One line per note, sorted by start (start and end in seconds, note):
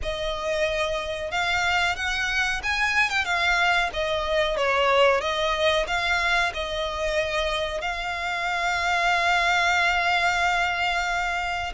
0.02 1.31 D#5
1.31 1.96 F5
1.96 2.61 F#5
2.63 3.09 G#5
3.09 3.24 G5
3.24 3.90 F5
3.93 4.57 D#5
4.57 5.21 C#5
5.21 5.86 D#5
5.87 6.52 F5
6.54 7.81 D#5
7.81 11.72 F5